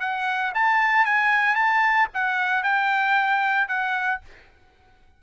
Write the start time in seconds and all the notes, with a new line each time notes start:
0.00 F#5
0.55 A5
1.06 G#5
1.56 A5
2.14 F#5
2.63 G5
3.68 F#5